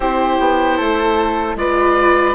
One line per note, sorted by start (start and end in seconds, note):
0.00 0.37 C4
0.00 1.58 E4
0.00 0.77 G4
0.00 1.56 C5
0.39 0.79 B3
0.77 1.55 A3
0.77 1.56 A4
1.55 2.34 G#3
1.55 2.34 F4
1.55 2.34 B4
1.55 2.34 D5